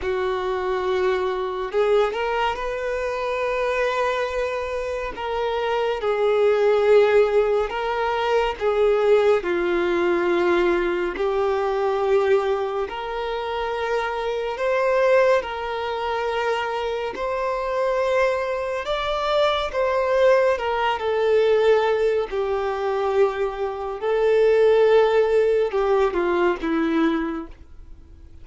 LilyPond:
\new Staff \with { instrumentName = "violin" } { \time 4/4 \tempo 4 = 70 fis'2 gis'8 ais'8 b'4~ | b'2 ais'4 gis'4~ | gis'4 ais'4 gis'4 f'4~ | f'4 g'2 ais'4~ |
ais'4 c''4 ais'2 | c''2 d''4 c''4 | ais'8 a'4. g'2 | a'2 g'8 f'8 e'4 | }